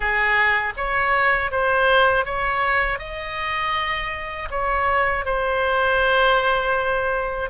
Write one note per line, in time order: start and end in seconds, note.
0.00 0.73 G#4
0.76 1.51 C#5
1.51 2.25 C5
2.25 2.99 C#5
2.99 4.49 D#5
4.50 5.25 C#5
5.25 7.50 C5